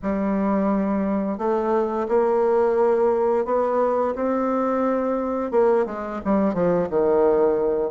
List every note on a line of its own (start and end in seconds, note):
0.02 1.38 G3
1.38 2.07 A3
2.08 3.45 A#3
3.45 4.14 B3
4.15 5.51 C4
5.51 5.85 A#3
5.86 6.20 G#3
6.24 6.53 G3
6.53 6.88 F3
6.89 7.91 D#3